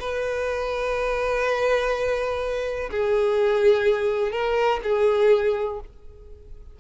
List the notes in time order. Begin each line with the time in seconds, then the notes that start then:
0.00 B4
2.91 G#4
4.32 A#4
4.83 G#4